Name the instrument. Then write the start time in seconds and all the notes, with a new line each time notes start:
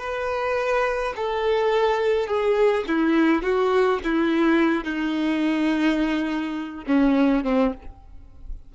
violin
0.00 B4
1.16 A4
2.28 G#4
2.88 E4
3.43 F#4
4.05 E4
4.85 D#4
6.87 C#4
7.44 C4